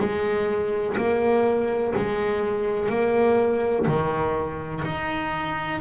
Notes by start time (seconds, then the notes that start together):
0.00 G#3
0.98 A#3
1.97 G#3
2.90 A#3
3.88 D#3
4.85 D#4